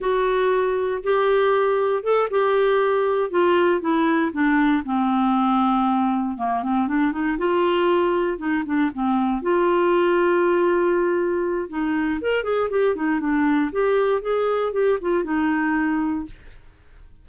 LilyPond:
\new Staff \with { instrumentName = "clarinet" } { \time 4/4 \tempo 4 = 118 fis'2 g'2 | a'8 g'2 f'4 e'8~ | e'8 d'4 c'2~ c'8~ | c'8 ais8 c'8 d'8 dis'8 f'4.~ |
f'8 dis'8 d'8 c'4 f'4.~ | f'2. dis'4 | ais'8 gis'8 g'8 dis'8 d'4 g'4 | gis'4 g'8 f'8 dis'2 | }